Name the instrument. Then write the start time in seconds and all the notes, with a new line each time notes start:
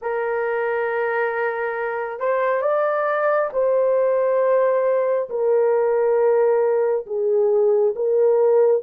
horn
0.01 A#4
2.19 C5
2.61 D5
3.53 C5
5.29 A#4
7.06 G#4
7.95 A#4